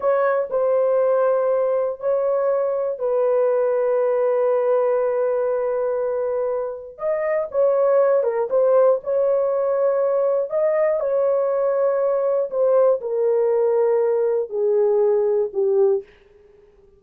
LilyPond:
\new Staff \with { instrumentName = "horn" } { \time 4/4 \tempo 4 = 120 cis''4 c''2. | cis''2 b'2~ | b'1~ | b'2 dis''4 cis''4~ |
cis''8 ais'8 c''4 cis''2~ | cis''4 dis''4 cis''2~ | cis''4 c''4 ais'2~ | ais'4 gis'2 g'4 | }